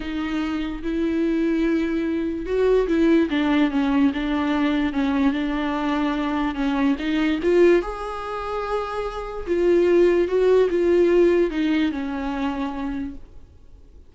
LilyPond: \new Staff \with { instrumentName = "viola" } { \time 4/4 \tempo 4 = 146 dis'2 e'2~ | e'2 fis'4 e'4 | d'4 cis'4 d'2 | cis'4 d'2. |
cis'4 dis'4 f'4 gis'4~ | gis'2. f'4~ | f'4 fis'4 f'2 | dis'4 cis'2. | }